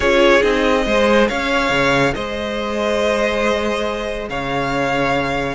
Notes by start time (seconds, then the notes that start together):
0.00 C#4 F4 G#4 C#5
0.42 C4 D#4 D#5
0.85 G#3 G#4 C5
1.28 C#4 C#5 F5
1.70 C#3
2.14 G#3 C5 D#5
4.29 C#3 C#5 F5